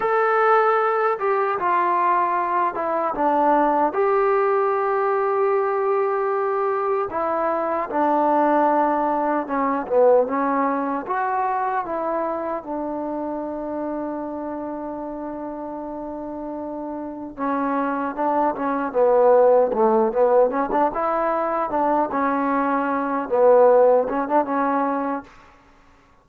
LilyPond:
\new Staff \with { instrumentName = "trombone" } { \time 4/4 \tempo 4 = 76 a'4. g'8 f'4. e'8 | d'4 g'2.~ | g'4 e'4 d'2 | cis'8 b8 cis'4 fis'4 e'4 |
d'1~ | d'2 cis'4 d'8 cis'8 | b4 a8 b8 cis'16 d'16 e'4 d'8 | cis'4. b4 cis'16 d'16 cis'4 | }